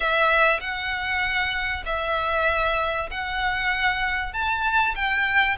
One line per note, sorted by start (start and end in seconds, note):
0.00 0.60 E5
0.60 1.84 F#5
1.85 3.09 E5
3.10 4.33 F#5
4.33 4.95 A5
4.95 5.57 G5